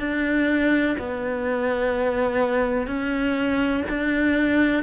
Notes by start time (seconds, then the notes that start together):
0.00 D4
0.99 B3
2.88 C#4
3.90 D4